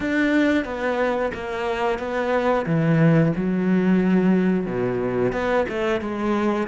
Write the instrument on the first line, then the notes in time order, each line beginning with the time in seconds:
cello
0.00 D4
0.65 B3
1.34 A#3
1.98 B3
2.65 E3
3.35 F#3
4.66 B2
5.32 B3
5.68 A3
6.00 G#3